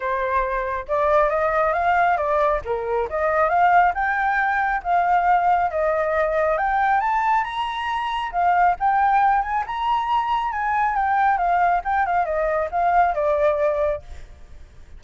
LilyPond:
\new Staff \with { instrumentName = "flute" } { \time 4/4 \tempo 4 = 137 c''2 d''4 dis''4 | f''4 d''4 ais'4 dis''4 | f''4 g''2 f''4~ | f''4 dis''2 g''4 |
a''4 ais''2 f''4 | g''4. gis''8 ais''2 | gis''4 g''4 f''4 g''8 f''8 | dis''4 f''4 d''2 | }